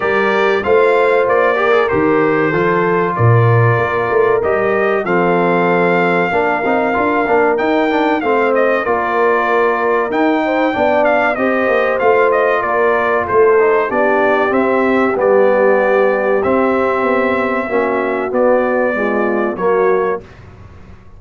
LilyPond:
<<
  \new Staff \with { instrumentName = "trumpet" } { \time 4/4 \tempo 4 = 95 d''4 f''4 d''4 c''4~ | c''4 d''2 dis''4 | f''1 | g''4 f''8 dis''8 d''2 |
g''4. f''8 dis''4 f''8 dis''8 | d''4 c''4 d''4 e''4 | d''2 e''2~ | e''4 d''2 cis''4 | }
  \new Staff \with { instrumentName = "horn" } { \time 4/4 ais'4 c''4. ais'4. | a'4 ais'2. | a'2 ais'2~ | ais'4 c''4 ais'2~ |
ais'8 c''8 d''4 c''2 | ais'4 a'4 g'2~ | g'1 | fis'2 f'4 fis'4 | }
  \new Staff \with { instrumentName = "trombone" } { \time 4/4 g'4 f'4. g'16 gis'16 g'4 | f'2. g'4 | c'2 d'8 dis'8 f'8 d'8 | dis'8 d'8 c'4 f'2 |
dis'4 d'4 g'4 f'4~ | f'4. dis'8 d'4 c'4 | b2 c'2 | cis'4 b4 gis4 ais4 | }
  \new Staff \with { instrumentName = "tuba" } { \time 4/4 g4 a4 ais4 dis4 | f4 ais,4 ais8 a8 g4 | f2 ais8 c'8 d'8 ais8 | dis'4 a4 ais2 |
dis'4 b4 c'8 ais8 a4 | ais4 a4 b4 c'4 | g2 c'4 b4 | ais4 b2 fis4 | }
>>